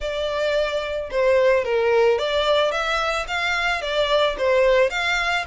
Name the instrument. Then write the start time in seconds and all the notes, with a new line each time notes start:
violin
0.00 D5
1.10 C5
1.64 A#4
2.18 D5
2.71 E5
3.27 F5
3.81 D5
4.38 C5
4.90 F5